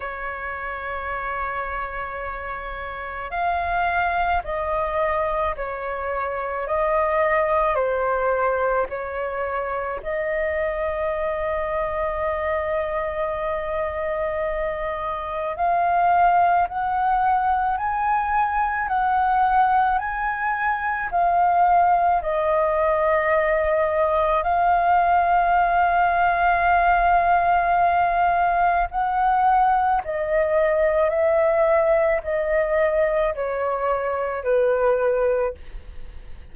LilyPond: \new Staff \with { instrumentName = "flute" } { \time 4/4 \tempo 4 = 54 cis''2. f''4 | dis''4 cis''4 dis''4 c''4 | cis''4 dis''2.~ | dis''2 f''4 fis''4 |
gis''4 fis''4 gis''4 f''4 | dis''2 f''2~ | f''2 fis''4 dis''4 | e''4 dis''4 cis''4 b'4 | }